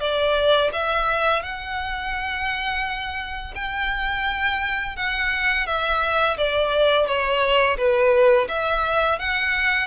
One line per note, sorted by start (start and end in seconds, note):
0.00 0.71 D5
0.73 1.42 E5
1.42 3.54 F#5
3.55 4.96 G5
4.96 5.67 F#5
5.67 6.37 E5
6.37 7.07 D5
7.07 7.77 C#5
7.77 8.48 B4
8.48 9.19 E5
9.19 9.87 F#5